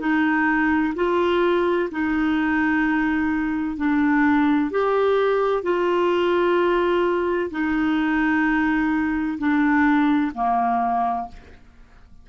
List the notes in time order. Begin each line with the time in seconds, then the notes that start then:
0.00 D#4
0.95 F4
1.91 D#4
3.77 D4
4.71 G4
5.63 F4
7.50 D#4
9.38 D4
10.34 A#3